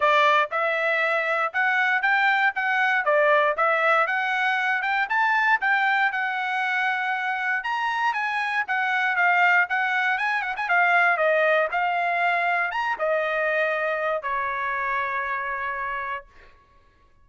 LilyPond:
\new Staff \with { instrumentName = "trumpet" } { \time 4/4 \tempo 4 = 118 d''4 e''2 fis''4 | g''4 fis''4 d''4 e''4 | fis''4. g''8 a''4 g''4 | fis''2. ais''4 |
gis''4 fis''4 f''4 fis''4 | gis''8 fis''16 gis''16 f''4 dis''4 f''4~ | f''4 ais''8 dis''2~ dis''8 | cis''1 | }